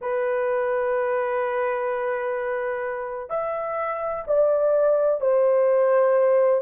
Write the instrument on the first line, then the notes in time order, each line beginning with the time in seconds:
horn
0.01 B4
3.29 E5
4.27 D5
5.20 C5